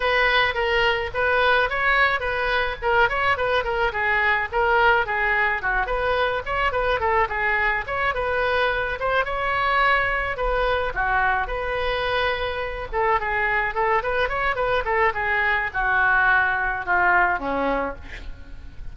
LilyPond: \new Staff \with { instrumentName = "oboe" } { \time 4/4 \tempo 4 = 107 b'4 ais'4 b'4 cis''4 | b'4 ais'8 cis''8 b'8 ais'8 gis'4 | ais'4 gis'4 fis'8 b'4 cis''8 | b'8 a'8 gis'4 cis''8 b'4. |
c''8 cis''2 b'4 fis'8~ | fis'8 b'2~ b'8 a'8 gis'8~ | gis'8 a'8 b'8 cis''8 b'8 a'8 gis'4 | fis'2 f'4 cis'4 | }